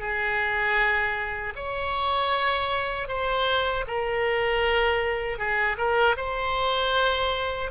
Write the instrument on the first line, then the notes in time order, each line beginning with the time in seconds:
oboe
0.00 G#4
1.56 C#5
3.08 C5
3.87 A#4
5.38 G#4
5.78 A#4
6.17 C5